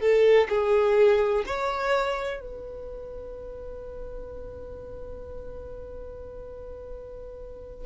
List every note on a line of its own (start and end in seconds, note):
0.00 0.48 A4
0.49 1.44 G#4
1.46 2.40 C#5
2.40 7.86 B4